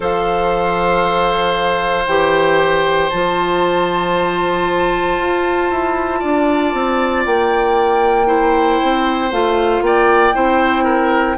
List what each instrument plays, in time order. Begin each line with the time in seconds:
0.00 bassoon F3, clarinet A4, oboe C5, flute F5
2.06 bassoon E3, clarinet G4, flute G5
3.09 bassoon F3, clarinet F4, flute A5
5.17 bassoon F4
5.70 bassoon E4
6.19 bassoon D4, oboe D5
6.73 bassoon C4
7.25 bassoon A#3, flute G5
8.26 clarinet E4, oboe C5
8.83 bassoon C4
9.31 bassoon A3, clarinet F4, flute F5
9.81 bassoon A#3, oboe D5, flute G5
10.33 bassoon C4, clarinet E4, oboe C5
10.83 oboe A#4